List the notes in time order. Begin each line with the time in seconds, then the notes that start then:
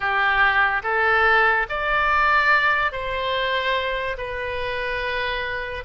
0.00 G4
0.83 A4
1.69 D5
2.92 C5
4.17 B4